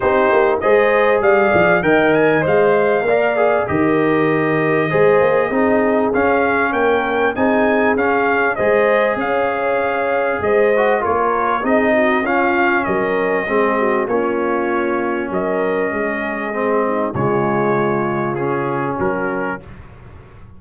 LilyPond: <<
  \new Staff \with { instrumentName = "trumpet" } { \time 4/4 \tempo 4 = 98 c''4 dis''4 f''4 g''8 gis''8 | f''2 dis''2~ | dis''2 f''4 g''4 | gis''4 f''4 dis''4 f''4~ |
f''4 dis''4 cis''4 dis''4 | f''4 dis''2 cis''4~ | cis''4 dis''2. | cis''2 gis'4 ais'4 | }
  \new Staff \with { instrumentName = "horn" } { \time 4/4 g'4 c''4 d''4 dis''4~ | dis''4 d''4 ais'2 | c''4 gis'2 ais'4 | gis'2 c''4 cis''4~ |
cis''4 c''4 ais'4 gis'8 fis'8 | f'4 ais'4 gis'8 fis'8 f'4~ | f'4 ais'4 gis'4. dis'8 | f'2. fis'4 | }
  \new Staff \with { instrumentName = "trombone" } { \time 4/4 dis'4 gis'2 ais'4 | c''4 ais'8 gis'8 g'2 | gis'4 dis'4 cis'2 | dis'4 cis'4 gis'2~ |
gis'4. fis'8 f'4 dis'4 | cis'2 c'4 cis'4~ | cis'2. c'4 | gis2 cis'2 | }
  \new Staff \with { instrumentName = "tuba" } { \time 4/4 c'8 ais8 gis4 g8 f8 dis4 | gis4 ais4 dis2 | gis8 ais8 c'4 cis'4 ais4 | c'4 cis'4 gis4 cis'4~ |
cis'4 gis4 ais4 c'4 | cis'4 fis4 gis4 ais4~ | ais4 fis4 gis2 | cis2. fis4 | }
>>